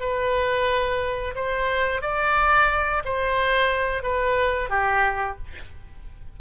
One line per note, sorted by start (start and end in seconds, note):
0.00 1.35 B4
1.35 2.02 C5
2.02 3.03 D5
3.05 4.03 C5
4.03 4.70 B4
4.70 5.37 G4